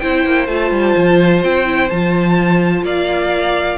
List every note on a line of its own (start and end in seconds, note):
0.00 0.26 C4
0.00 0.49 E4
0.00 2.85 C5
0.00 0.47 G5
0.26 0.48 A#3
0.48 0.71 A3
0.48 1.66 F4
0.48 1.42 A5
0.72 0.95 G3
0.97 1.44 F3
1.44 1.91 C4
1.44 1.89 G5
1.66 1.89 E4
1.89 2.83 F3
1.89 3.79 F4
1.89 2.84 A5
2.83 3.78 A#3
2.83 3.79 D5
2.83 3.79 F5